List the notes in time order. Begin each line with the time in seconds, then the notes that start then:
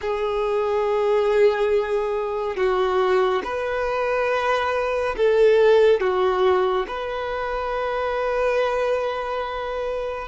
0.01 G#4
2.56 F#4
3.44 B4
5.17 A4
6.00 F#4
6.87 B4